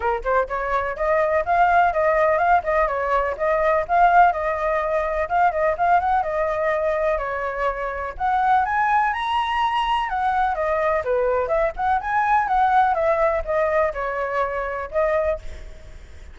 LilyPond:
\new Staff \with { instrumentName = "flute" } { \time 4/4 \tempo 4 = 125 ais'8 c''8 cis''4 dis''4 f''4 | dis''4 f''8 dis''8 cis''4 dis''4 | f''4 dis''2 f''8 dis''8 | f''8 fis''8 dis''2 cis''4~ |
cis''4 fis''4 gis''4 ais''4~ | ais''4 fis''4 dis''4 b'4 | e''8 fis''8 gis''4 fis''4 e''4 | dis''4 cis''2 dis''4 | }